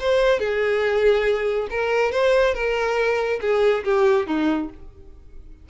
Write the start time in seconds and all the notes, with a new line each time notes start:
0.00 C5
0.39 G#4
1.70 A#4
2.12 C5
2.54 A#4
3.41 G#4
3.84 G4
4.27 D#4